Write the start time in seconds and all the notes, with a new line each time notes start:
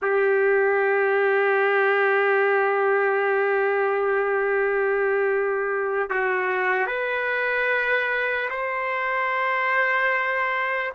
0.01 G4
6.10 F#4
6.87 B4
8.50 C5